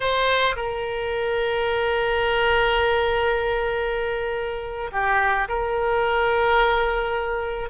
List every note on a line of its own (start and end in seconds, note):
0.00 0.55 C5
0.56 4.90 A#4
4.92 5.48 G4
5.48 7.69 A#4